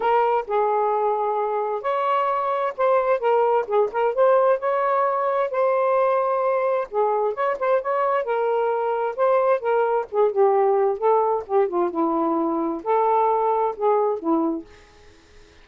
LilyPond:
\new Staff \with { instrumentName = "saxophone" } { \time 4/4 \tempo 4 = 131 ais'4 gis'2. | cis''2 c''4 ais'4 | gis'8 ais'8 c''4 cis''2 | c''2. gis'4 |
cis''8 c''8 cis''4 ais'2 | c''4 ais'4 gis'8 g'4. | a'4 g'8 f'8 e'2 | a'2 gis'4 e'4 | }